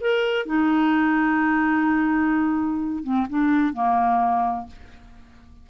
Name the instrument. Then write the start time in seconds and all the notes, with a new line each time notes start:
clarinet
0.00 A#4
0.45 D#4
3.03 C4
3.29 D4
3.73 A#3